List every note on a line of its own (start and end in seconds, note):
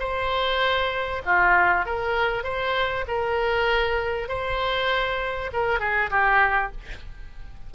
0.00 1.22 C5
1.26 1.86 F4
1.86 2.44 A#4
2.44 3.05 C5
3.08 4.29 A#4
4.29 5.51 C5
5.53 5.80 A#4
5.80 6.11 G#4
6.11 6.72 G4